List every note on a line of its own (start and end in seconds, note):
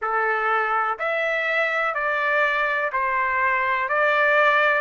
0.01 0.98 A4
0.99 1.94 E5
1.94 2.91 D5
2.92 3.88 C5
3.88 4.81 D5